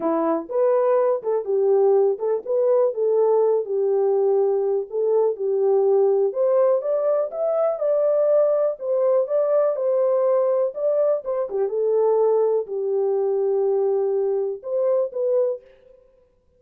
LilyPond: \new Staff \with { instrumentName = "horn" } { \time 4/4 \tempo 4 = 123 e'4 b'4. a'8 g'4~ | g'8 a'8 b'4 a'4. g'8~ | g'2 a'4 g'4~ | g'4 c''4 d''4 e''4 |
d''2 c''4 d''4 | c''2 d''4 c''8 g'8 | a'2 g'2~ | g'2 c''4 b'4 | }